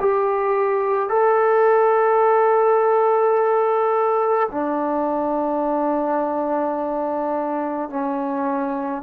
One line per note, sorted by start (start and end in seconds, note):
0.00 1.09 G4
1.09 4.48 A4
4.51 7.89 D4
7.89 9.02 C#4